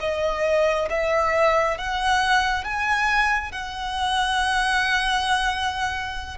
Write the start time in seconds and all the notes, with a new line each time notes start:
0.00 D#5
0.90 E5
1.78 F#5
2.64 G#5
3.52 F#5